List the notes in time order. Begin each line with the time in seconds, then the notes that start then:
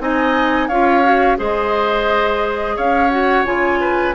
0.00 C4 D#4 D#5 G#5
0.68 C#4 F4 C#5 F5
1.04 F#4
1.37 G#3 G#4 C5 D#5
2.76 C#4 C#5 F5
3.10 F#4 F#5
3.45 C#3 F4 G#5
3.80 B4